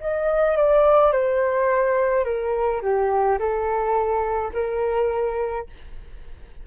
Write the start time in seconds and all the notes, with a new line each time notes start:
0.00 D#5
0.57 D5
1.12 C5
2.25 A#4
2.82 G4
3.39 A4
4.53 A#4